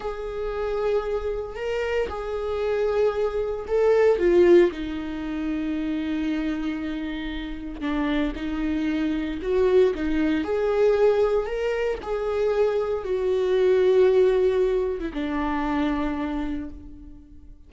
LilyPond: \new Staff \with { instrumentName = "viola" } { \time 4/4 \tempo 4 = 115 gis'2. ais'4 | gis'2. a'4 | f'4 dis'2.~ | dis'2. d'4 |
dis'2 fis'4 dis'4 | gis'2 ais'4 gis'4~ | gis'4 fis'2.~ | fis'8. e'16 d'2. | }